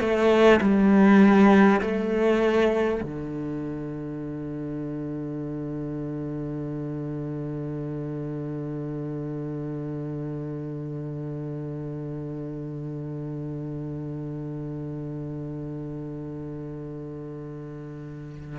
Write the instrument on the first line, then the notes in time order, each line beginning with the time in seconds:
cello
0.00 A3
0.60 G3
1.81 A3
3.03 D3